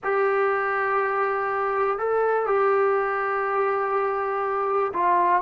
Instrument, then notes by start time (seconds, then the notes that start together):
trombone
0.03 G4
1.98 A4
2.46 G4
4.93 F4